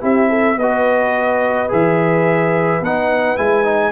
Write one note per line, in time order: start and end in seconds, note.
0.00 0.57 C4
0.00 0.56 E4
0.00 0.29 G4
0.00 0.59 E5
0.29 0.57 A4
0.57 1.69 B3
0.57 1.68 F#4
0.57 3.92 B4
0.57 1.71 D#5
1.68 2.80 E3
1.68 2.81 G#4
1.68 2.84 E5
2.80 3.36 B3
2.80 3.37 D#4
2.80 3.37 F#5
3.37 3.92 G#3
3.37 3.64 E4
3.37 3.92 G#5
3.64 3.92 D#4